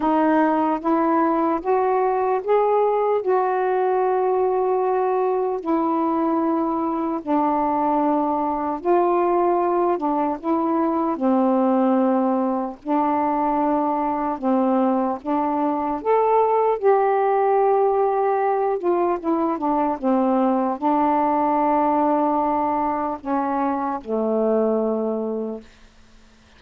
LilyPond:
\new Staff \with { instrumentName = "saxophone" } { \time 4/4 \tempo 4 = 75 dis'4 e'4 fis'4 gis'4 | fis'2. e'4~ | e'4 d'2 f'4~ | f'8 d'8 e'4 c'2 |
d'2 c'4 d'4 | a'4 g'2~ g'8 f'8 | e'8 d'8 c'4 d'2~ | d'4 cis'4 a2 | }